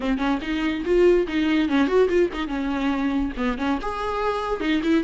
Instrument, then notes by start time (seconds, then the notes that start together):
viola
0.00 C4
0.18 C#4
0.41 D#4
0.85 F4
1.27 D#4
1.68 C#4
1.87 F#4
2.08 F4
2.33 D#4
2.47 C#4
3.37 B3
3.58 C#4
3.81 G#4
4.60 D#4
4.83 E4